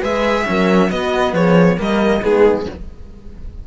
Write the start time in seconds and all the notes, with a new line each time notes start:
0.00 G#3 G#4 B4 E5
0.45 F#3 C#4 A#4
0.90 B3 F#4 D#5
1.32 F3 G#4 C#5
1.76 G3 A#3 A#4 D#5
2.21 G#3 B3 D#4 G#4